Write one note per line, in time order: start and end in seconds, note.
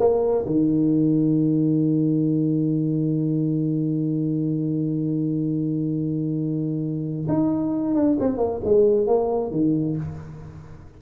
0.00 0.45 A#3
0.46 7.27 D#3
7.29 7.95 D#4
7.95 8.18 D4
8.20 8.38 C4
8.38 8.61 A#3
8.64 9.07 G#3
9.07 9.51 A#3
9.51 9.97 D#3